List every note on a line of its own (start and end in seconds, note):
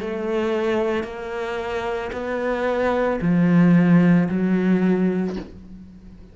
0.00 1.04 A3
1.04 2.11 A#3
2.12 3.19 B3
3.21 4.28 F3
4.29 5.36 F#3